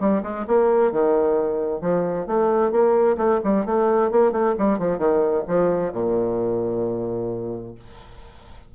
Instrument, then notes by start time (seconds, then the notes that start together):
bassoon
0.00 G3
0.23 G#3
0.47 A#3
0.92 D#3
1.81 F3
2.27 A3
2.72 A#3
3.17 A3
3.44 G3
3.66 A3
4.12 A#3
4.32 A3
4.58 G3
4.79 F3
4.98 D#3
5.48 F3
5.93 A#2